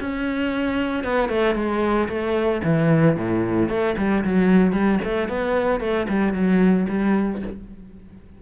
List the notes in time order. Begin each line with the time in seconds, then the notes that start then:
0.00 C#4
1.04 B3
1.29 A3
1.55 G#3
2.08 A3
2.64 E3
3.16 A2
3.69 A3
3.97 G3
4.24 F#3
4.73 G3
5.04 A3
5.29 B3
5.80 A3
6.09 G3
6.34 F#3
6.89 G3